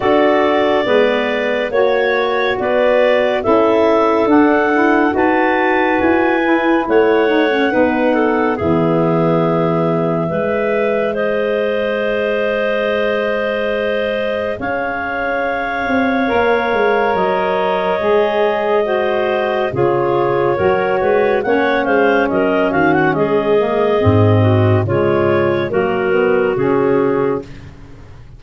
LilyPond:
<<
  \new Staff \with { instrumentName = "clarinet" } { \time 4/4 \tempo 4 = 70 d''2 cis''4 d''4 | e''4 fis''4 a''4 gis''4 | fis''2 e''2~ | e''4 dis''2.~ |
dis''4 f''2. | dis''2. cis''4~ | cis''4 fis''8 f''8 dis''8 f''16 fis''16 dis''4~ | dis''4 cis''4 ais'4 gis'4 | }
  \new Staff \with { instrumentName = "clarinet" } { \time 4/4 a'4 b'4 cis''4 b'4 | a'2 b'2 | cis''4 b'8 a'8 gis'2 | b'4 c''2.~ |
c''4 cis''2.~ | cis''2 c''4 gis'4 | ais'8 b'8 cis''8 c''8 ais'8 fis'8 gis'4~ | gis'8 fis'8 f'4 fis'2 | }
  \new Staff \with { instrumentName = "saxophone" } { \time 4/4 fis'4 b4 fis'2 | e'4 d'8 e'8 fis'4. e'8~ | e'8 dis'16 cis'16 dis'4 b2 | gis'1~ |
gis'2. ais'4~ | ais'4 gis'4 fis'4 f'4 | fis'4 cis'2~ cis'8 ais8 | c'4 gis4 ais8 b8 cis'4 | }
  \new Staff \with { instrumentName = "tuba" } { \time 4/4 d'4 gis4 ais4 b4 | cis'4 d'4 dis'4 e'4 | a4 b4 e2 | gis1~ |
gis4 cis'4. c'8 ais8 gis8 | fis4 gis2 cis4 | fis8 gis8 ais8 gis8 fis8 dis8 gis4 | gis,4 cis4 fis4 cis4 | }
>>